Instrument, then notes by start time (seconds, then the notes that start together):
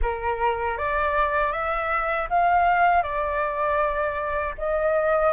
flute
0.02 A#4
0.77 D5
1.52 E5
2.29 F5
3.02 D5
4.58 D#5